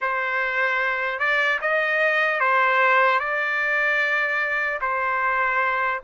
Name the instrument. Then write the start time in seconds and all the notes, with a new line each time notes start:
trumpet
0.01 C5
1.19 D5
1.61 D#5
2.40 C5
3.19 D5
4.81 C5